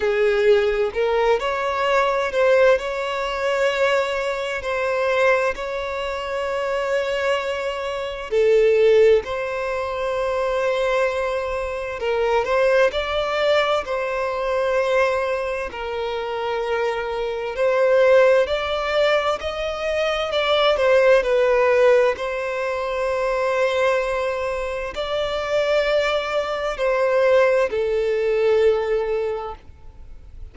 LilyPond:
\new Staff \with { instrumentName = "violin" } { \time 4/4 \tempo 4 = 65 gis'4 ais'8 cis''4 c''8 cis''4~ | cis''4 c''4 cis''2~ | cis''4 a'4 c''2~ | c''4 ais'8 c''8 d''4 c''4~ |
c''4 ais'2 c''4 | d''4 dis''4 d''8 c''8 b'4 | c''2. d''4~ | d''4 c''4 a'2 | }